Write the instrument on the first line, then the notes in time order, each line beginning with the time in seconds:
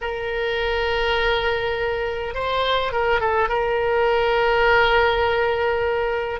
oboe
0.01 A#4
2.34 C5
2.92 A#4
3.20 A4
3.48 A#4